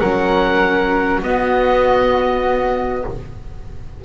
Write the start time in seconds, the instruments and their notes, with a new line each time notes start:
0.00 double bass F#3, viola C#4, flute A#4, oboe F#5
1.23 double bass B3, viola B3, flute F#4, oboe D#5